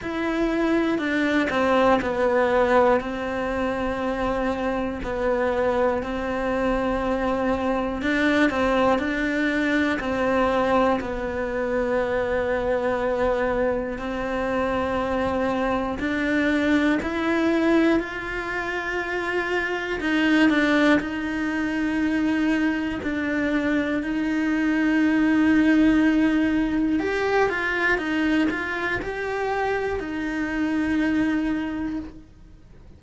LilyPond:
\new Staff \with { instrumentName = "cello" } { \time 4/4 \tempo 4 = 60 e'4 d'8 c'8 b4 c'4~ | c'4 b4 c'2 | d'8 c'8 d'4 c'4 b4~ | b2 c'2 |
d'4 e'4 f'2 | dis'8 d'8 dis'2 d'4 | dis'2. g'8 f'8 | dis'8 f'8 g'4 dis'2 | }